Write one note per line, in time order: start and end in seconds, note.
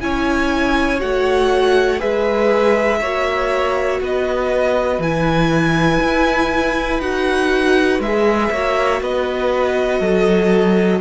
0.00 1.01 C#4
0.00 0.99 E4
0.00 1.99 C#5
0.00 1.00 G#5
0.99 2.01 A3
0.99 1.99 F#4
0.99 2.00 F#5
1.99 3.01 G#3
1.99 2.99 G#4
1.99 2.99 B4
1.99 4.00 E5
3.00 4.00 A#3
3.00 5.02 F#4
3.00 4.00 C#5
4.00 4.98 B3
4.00 8.51 B4
4.00 5.02 D#5
4.98 5.98 E3
4.98 7.01 E4
4.98 7.00 G#5
6.00 6.99 E4
6.99 7.99 D#4
6.99 8.01 F#4
6.99 8.00 F#5
7.99 8.49 G#3
7.99 8.53 G#4
7.99 9.02 E5
8.51 9.01 A#3
8.51 11.01 F#4
8.51 9.01 C#5
9.01 10.00 B3
9.01 9.99 B4
9.01 11.01 D#5
9.99 11.00 F#3
9.99 10.99 A4